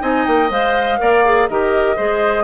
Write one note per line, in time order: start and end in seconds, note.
0.00 0.27 C4
0.00 0.49 D#4
0.00 1.00 D#5
0.00 0.26 G#5
0.26 0.50 A#3
0.26 0.50 G5
0.50 1.00 G#3
0.50 0.99 C5
0.50 1.49 F5
0.99 1.50 A#3
0.99 1.24 A#4
0.99 1.50 D5
1.25 1.50 G#4
1.49 1.98 D#3
1.49 1.97 G4
1.49 1.97 A#4
1.49 2.44 D#5
1.97 2.44 G#3
1.97 2.44 G#4
1.97 2.44 C5